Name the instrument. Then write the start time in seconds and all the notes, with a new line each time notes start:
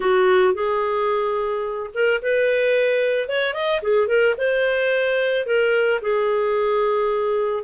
clarinet
0.00 F#4
0.54 G#4
1.94 A#4
2.21 B4
3.28 C#5
3.53 D#5
3.82 G#4
4.07 A#4
4.37 C5
5.45 A#4
6.01 G#4